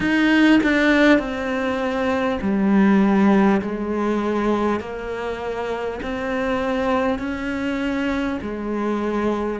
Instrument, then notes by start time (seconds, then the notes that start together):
cello
0.00 D#4
0.63 D4
1.18 C4
2.41 G3
3.61 G#3
4.79 A#3
6.02 C4
7.18 C#4
8.41 G#3